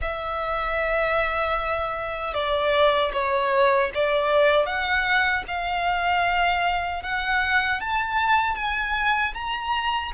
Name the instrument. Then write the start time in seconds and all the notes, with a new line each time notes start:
violin
0.01 E5
2.34 D5
3.12 C#5
3.94 D5
4.65 F#5
5.47 F5
7.02 F#5
7.80 A5
8.55 G#5
9.34 A#5